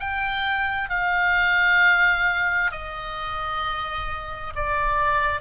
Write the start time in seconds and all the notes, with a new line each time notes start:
0.00 G5
0.90 F5
2.71 D#5
4.55 D5